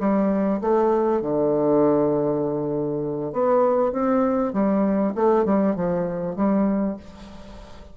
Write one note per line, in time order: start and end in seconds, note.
0.00 0.61 G3
0.61 1.21 A3
1.21 3.33 D3
3.33 3.93 B3
3.93 4.53 C4
4.53 5.14 G3
5.15 5.45 A3
5.45 5.76 G3
5.76 6.36 F3
6.36 6.97 G3